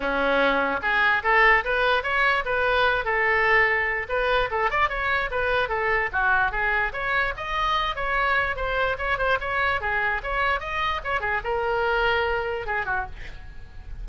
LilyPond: \new Staff \with { instrumentName = "oboe" } { \time 4/4 \tempo 4 = 147 cis'2 gis'4 a'4 | b'4 cis''4 b'4. a'8~ | a'2 b'4 a'8 d''8 | cis''4 b'4 a'4 fis'4 |
gis'4 cis''4 dis''4. cis''8~ | cis''4 c''4 cis''8 c''8 cis''4 | gis'4 cis''4 dis''4 cis''8 gis'8 | ais'2. gis'8 fis'8 | }